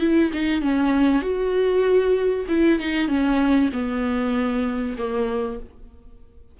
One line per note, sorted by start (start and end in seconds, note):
0.00 0.31 E4
0.33 0.61 D#4
0.61 1.22 C#4
1.22 2.45 F#4
2.48 2.79 E4
2.79 3.08 D#4
3.08 3.70 C#4
3.73 4.96 B3
4.98 5.60 A#3